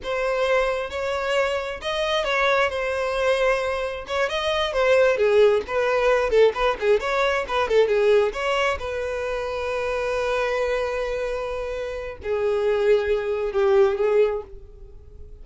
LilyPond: \new Staff \with { instrumentName = "violin" } { \time 4/4 \tempo 4 = 133 c''2 cis''2 | dis''4 cis''4 c''2~ | c''4 cis''8 dis''4 c''4 gis'8~ | gis'8 b'4. a'8 b'8 gis'8 cis''8~ |
cis''8 b'8 a'8 gis'4 cis''4 b'8~ | b'1~ | b'2. gis'4~ | gis'2 g'4 gis'4 | }